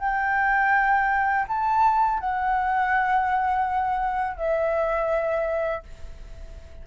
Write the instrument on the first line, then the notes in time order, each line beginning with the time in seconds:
flute
0.00 G5
1.49 A5
2.20 F#5
4.37 E5